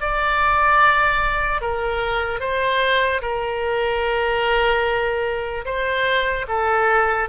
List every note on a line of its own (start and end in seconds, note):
0.00 1.61 D5
1.61 2.40 A#4
2.40 3.21 C5
3.21 5.64 A#4
5.65 6.46 C5
6.48 7.29 A4